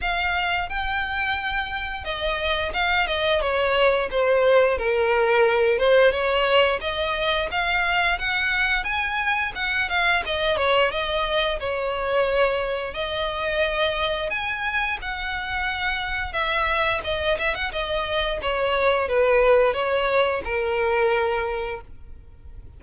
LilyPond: \new Staff \with { instrumentName = "violin" } { \time 4/4 \tempo 4 = 88 f''4 g''2 dis''4 | f''8 dis''8 cis''4 c''4 ais'4~ | ais'8 c''8 cis''4 dis''4 f''4 | fis''4 gis''4 fis''8 f''8 dis''8 cis''8 |
dis''4 cis''2 dis''4~ | dis''4 gis''4 fis''2 | e''4 dis''8 e''16 fis''16 dis''4 cis''4 | b'4 cis''4 ais'2 | }